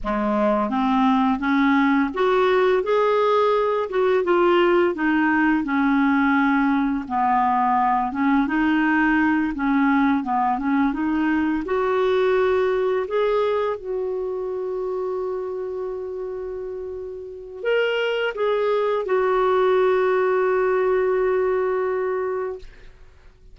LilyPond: \new Staff \with { instrumentName = "clarinet" } { \time 4/4 \tempo 4 = 85 gis4 c'4 cis'4 fis'4 | gis'4. fis'8 f'4 dis'4 | cis'2 b4. cis'8 | dis'4. cis'4 b8 cis'8 dis'8~ |
dis'8 fis'2 gis'4 fis'8~ | fis'1~ | fis'4 ais'4 gis'4 fis'4~ | fis'1 | }